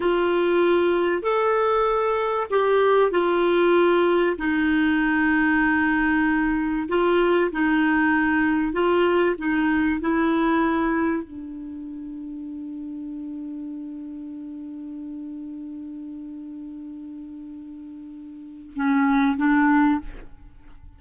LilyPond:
\new Staff \with { instrumentName = "clarinet" } { \time 4/4 \tempo 4 = 96 f'2 a'2 | g'4 f'2 dis'4~ | dis'2. f'4 | dis'2 f'4 dis'4 |
e'2 d'2~ | d'1~ | d'1~ | d'2 cis'4 d'4 | }